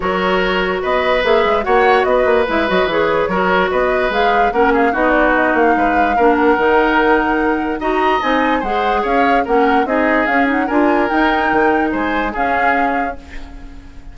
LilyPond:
<<
  \new Staff \with { instrumentName = "flute" } { \time 4/4 \tempo 4 = 146 cis''2 dis''4 e''4 | fis''4 dis''4 e''8 dis''8 cis''4~ | cis''4 dis''4 f''4 fis''8 f''8 | dis''8 d''8 dis''8 f''2 fis''8~ |
fis''2. ais''4 | gis''4 fis''4 f''4 fis''4 | dis''4 f''8 fis''8 gis''4 g''4~ | g''4 gis''4 f''2 | }
  \new Staff \with { instrumentName = "oboe" } { \time 4/4 ais'2 b'2 | cis''4 b'2. | ais'4 b'2 ais'8 gis'8 | fis'2 b'4 ais'4~ |
ais'2. dis''4~ | dis''4 c''4 cis''4 ais'4 | gis'2 ais'2~ | ais'4 c''4 gis'2 | }
  \new Staff \with { instrumentName = "clarinet" } { \time 4/4 fis'2. gis'4 | fis'2 e'8 fis'8 gis'4 | fis'2 gis'4 cis'4 | dis'2. d'4 |
dis'2. fis'4 | dis'4 gis'2 cis'4 | dis'4 cis'8 dis'8 f'4 dis'4~ | dis'2 cis'2 | }
  \new Staff \with { instrumentName = "bassoon" } { \time 4/4 fis2 b4 ais8 gis8 | ais4 b8 ais8 gis8 fis8 e4 | fis4 b4 gis4 ais4 | b4. ais8 gis4 ais4 |
dis2. dis'4 | c'4 gis4 cis'4 ais4 | c'4 cis'4 d'4 dis'4 | dis4 gis4 cis'2 | }
>>